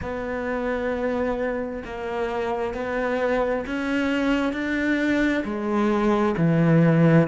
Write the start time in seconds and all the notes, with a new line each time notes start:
0.01 B3
1.84 A#3
2.74 B3
3.66 C#4
4.52 D4
5.44 G#3
6.37 E3